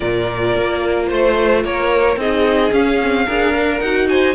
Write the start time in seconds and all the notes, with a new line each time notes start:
0.00 A#2 F4 A#4 D5
0.56 A#3
1.07 A3 C5
1.64 A#3 A#4 C#5
2.16 C4 D#4 G#4 D#5
2.72 C#4 F5
3.03 C4
3.26 D4 G#4 A#4
3.55 A#4
3.80 D#4 F#4 F#5
4.09 C5 G#5